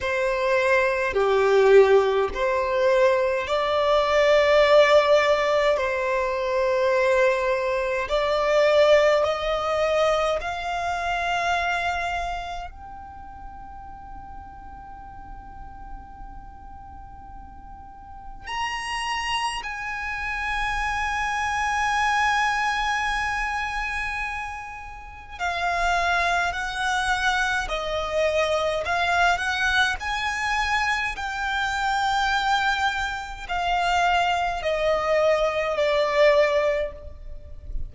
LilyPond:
\new Staff \with { instrumentName = "violin" } { \time 4/4 \tempo 4 = 52 c''4 g'4 c''4 d''4~ | d''4 c''2 d''4 | dis''4 f''2 g''4~ | g''1 |
ais''4 gis''2.~ | gis''2 f''4 fis''4 | dis''4 f''8 fis''8 gis''4 g''4~ | g''4 f''4 dis''4 d''4 | }